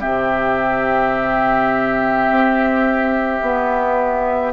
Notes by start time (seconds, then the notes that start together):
0.00 C3 C4 G4 E5
2.30 C4
3.42 B3